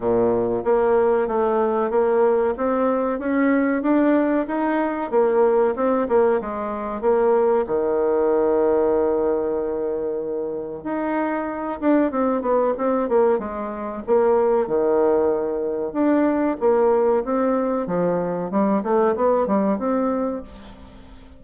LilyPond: \new Staff \with { instrumentName = "bassoon" } { \time 4/4 \tempo 4 = 94 ais,4 ais4 a4 ais4 | c'4 cis'4 d'4 dis'4 | ais4 c'8 ais8 gis4 ais4 | dis1~ |
dis4 dis'4. d'8 c'8 b8 | c'8 ais8 gis4 ais4 dis4~ | dis4 d'4 ais4 c'4 | f4 g8 a8 b8 g8 c'4 | }